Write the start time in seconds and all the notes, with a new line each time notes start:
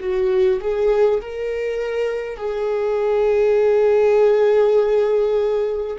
0.00 F#4
0.61 G#4
1.21 A#4
2.37 G#4